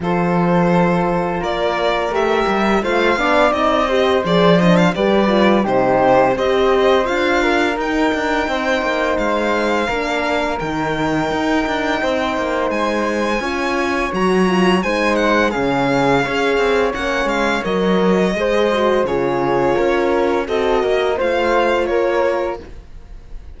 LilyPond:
<<
  \new Staff \with { instrumentName = "violin" } { \time 4/4 \tempo 4 = 85 c''2 d''4 e''4 | f''4 dis''4 d''8 dis''16 f''16 d''4 | c''4 dis''4 f''4 g''4~ | g''4 f''2 g''4~ |
g''2 gis''2 | ais''4 gis''8 fis''8 f''2 | fis''8 f''8 dis''2 cis''4~ | cis''4 dis''4 f''4 cis''4 | }
  \new Staff \with { instrumentName = "flute" } { \time 4/4 a'2 ais'2 | c''8 d''4 c''4. b'4 | g'4 c''4. ais'4. | c''2 ais'2~ |
ais'4 c''2 cis''4~ | cis''4 c''4 gis'4 cis''4~ | cis''2 c''4 gis'4 | ais'4 a'8 ais'8 c''4 ais'4 | }
  \new Staff \with { instrumentName = "horn" } { \time 4/4 f'2. g'4 | f'8 d'8 dis'8 g'8 gis'8 d'8 g'8 f'8 | dis'4 g'4 f'4 dis'4~ | dis'2 d'4 dis'4~ |
dis'2. f'4 | fis'8 f'8 dis'4 cis'4 gis'4 | cis'4 ais'4 gis'8 fis'8 f'4~ | f'4 fis'4 f'2 | }
  \new Staff \with { instrumentName = "cello" } { \time 4/4 f2 ais4 a8 g8 | a8 b8 c'4 f4 g4 | c4 c'4 d'4 dis'8 d'8 | c'8 ais8 gis4 ais4 dis4 |
dis'8 d'8 c'8 ais8 gis4 cis'4 | fis4 gis4 cis4 cis'8 c'8 | ais8 gis8 fis4 gis4 cis4 | cis'4 c'8 ais8 a4 ais4 | }
>>